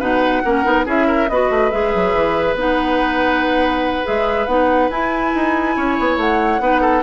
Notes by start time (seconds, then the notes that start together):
0.00 B2 D#4 B4 F#5
0.44 A#3 C#4 A#4
0.64 B3 D#4
0.86 C#4 E4 G#4 E5
1.07 A#4
1.29 B3 F#4 B4 D#5
1.50 A3
1.71 G#3 G#4 E5
1.95 F#3
2.14 E3
2.55 B3 D#4 F#5
4.04 G#3 G#4 E5
4.46 B3 D#4 F#5
4.90 E4 G#5
5.35 D#4
5.76 C#4 C#5
6.00 B3
6.17 A3 F#5
6.60 B3 D#4 B4
6.81 A4